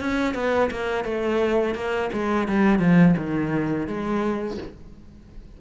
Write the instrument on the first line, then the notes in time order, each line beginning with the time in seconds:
cello
0.00 C#4
0.34 B3
0.71 A#3
1.04 A3
1.75 A#3
2.12 G#3
2.48 G3
2.79 F3
3.17 D#3
3.87 G#3